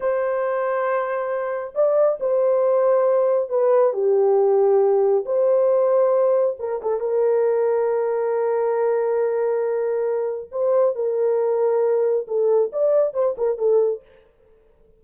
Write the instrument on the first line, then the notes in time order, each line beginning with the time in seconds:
horn
0.00 C5
1.74 D5
2.20 C5
3.49 B4
3.93 G4
5.25 C5
6.59 A#4
6.82 A4
7.00 A#4
10.51 C5
10.95 A#4
12.27 A4
12.72 D5
13.13 C5
13.37 A#4
13.58 A4